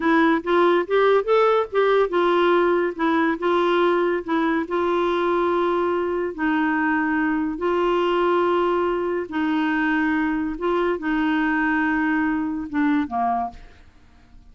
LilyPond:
\new Staff \with { instrumentName = "clarinet" } { \time 4/4 \tempo 4 = 142 e'4 f'4 g'4 a'4 | g'4 f'2 e'4 | f'2 e'4 f'4~ | f'2. dis'4~ |
dis'2 f'2~ | f'2 dis'2~ | dis'4 f'4 dis'2~ | dis'2 d'4 ais4 | }